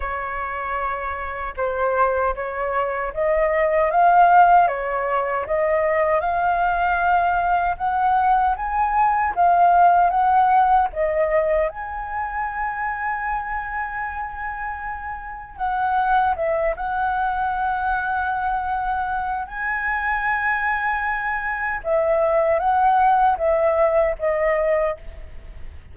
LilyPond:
\new Staff \with { instrumentName = "flute" } { \time 4/4 \tempo 4 = 77 cis''2 c''4 cis''4 | dis''4 f''4 cis''4 dis''4 | f''2 fis''4 gis''4 | f''4 fis''4 dis''4 gis''4~ |
gis''1 | fis''4 e''8 fis''2~ fis''8~ | fis''4 gis''2. | e''4 fis''4 e''4 dis''4 | }